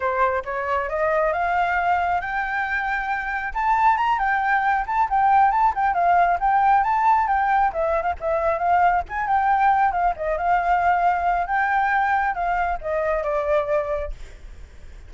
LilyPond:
\new Staff \with { instrumentName = "flute" } { \time 4/4 \tempo 4 = 136 c''4 cis''4 dis''4 f''4~ | f''4 g''2. | a''4 ais''8 g''4. a''8 g''8~ | g''8 a''8 g''8 f''4 g''4 a''8~ |
a''8 g''4 e''8. f''16 e''4 f''8~ | f''8 gis''8 g''4. f''8 dis''8 f''8~ | f''2 g''2 | f''4 dis''4 d''2 | }